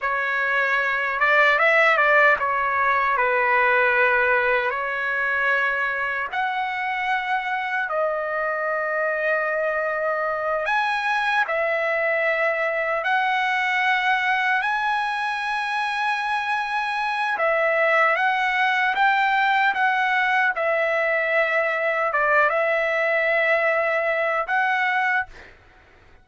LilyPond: \new Staff \with { instrumentName = "trumpet" } { \time 4/4 \tempo 4 = 76 cis''4. d''8 e''8 d''8 cis''4 | b'2 cis''2 | fis''2 dis''2~ | dis''4. gis''4 e''4.~ |
e''8 fis''2 gis''4.~ | gis''2 e''4 fis''4 | g''4 fis''4 e''2 | d''8 e''2~ e''8 fis''4 | }